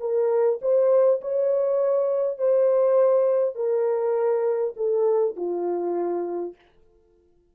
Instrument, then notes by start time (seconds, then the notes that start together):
horn
0.00 A#4
0.61 C5
1.21 C#5
2.38 C5
3.55 A#4
4.76 A4
5.36 F4